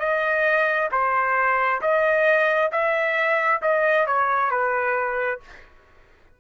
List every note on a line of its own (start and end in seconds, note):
0.00 0.90 D#5
0.92 1.81 C5
1.82 2.71 D#5
2.72 3.62 E5
3.62 4.07 D#5
4.07 4.51 C#5
4.51 5.41 B4